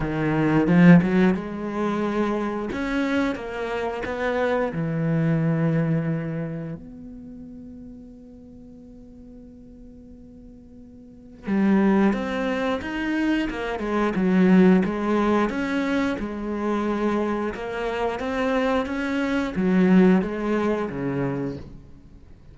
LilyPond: \new Staff \with { instrumentName = "cello" } { \time 4/4 \tempo 4 = 89 dis4 f8 fis8 gis2 | cis'4 ais4 b4 e4~ | e2 b2~ | b1~ |
b4 g4 c'4 dis'4 | ais8 gis8 fis4 gis4 cis'4 | gis2 ais4 c'4 | cis'4 fis4 gis4 cis4 | }